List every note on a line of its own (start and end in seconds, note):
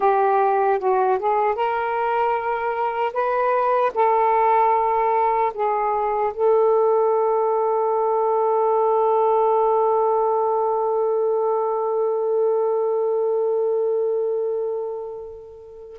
0.00 0.79 G4
0.79 1.18 F#4
1.18 1.55 G#4
1.55 3.13 A#4
3.13 3.92 B4
3.94 5.52 A4
5.53 6.32 G#4
6.33 15.99 A4